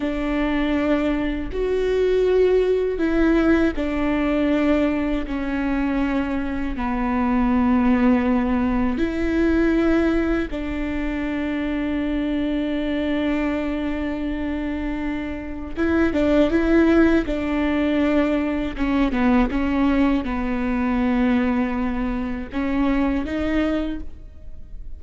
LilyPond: \new Staff \with { instrumentName = "viola" } { \time 4/4 \tempo 4 = 80 d'2 fis'2 | e'4 d'2 cis'4~ | cis'4 b2. | e'2 d'2~ |
d'1~ | d'4 e'8 d'8 e'4 d'4~ | d'4 cis'8 b8 cis'4 b4~ | b2 cis'4 dis'4 | }